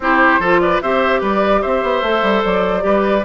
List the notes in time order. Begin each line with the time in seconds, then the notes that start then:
0.00 C4 E4 G4 C5
0.39 F3 F4 A4
0.60 B4 D5
0.81 C4 G4 C5 E5
1.20 G3 B4 D5
1.61 C4 C5 E5
1.82 B3
2.02 A3 A4
2.22 G3
2.44 F#3 D5
2.80 G3 G4 B4